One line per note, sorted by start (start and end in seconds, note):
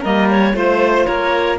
0.00 0.53 G3
0.00 0.54 A#3
0.00 0.52 A#4
0.00 0.29 D#5
0.30 0.56 C#5
0.53 1.05 A3
0.53 1.57 F4
0.53 1.05 C5
0.53 1.06 C5
1.05 1.58 A#3
1.05 1.58 A#4
1.05 1.57 C#5